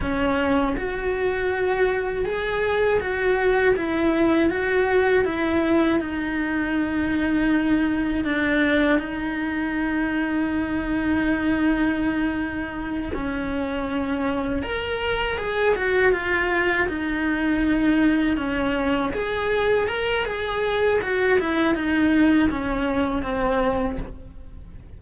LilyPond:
\new Staff \with { instrumentName = "cello" } { \time 4/4 \tempo 4 = 80 cis'4 fis'2 gis'4 | fis'4 e'4 fis'4 e'4 | dis'2. d'4 | dis'1~ |
dis'4. cis'2 ais'8~ | ais'8 gis'8 fis'8 f'4 dis'4.~ | dis'8 cis'4 gis'4 ais'8 gis'4 | fis'8 e'8 dis'4 cis'4 c'4 | }